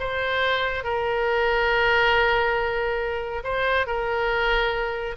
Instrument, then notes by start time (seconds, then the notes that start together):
oboe
0.00 C5
0.84 A#4
3.44 C5
3.87 A#4